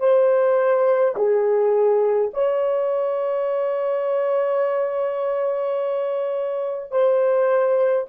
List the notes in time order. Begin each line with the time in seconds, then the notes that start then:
0.00 C5
1.16 G#4
2.34 C#5
6.92 C5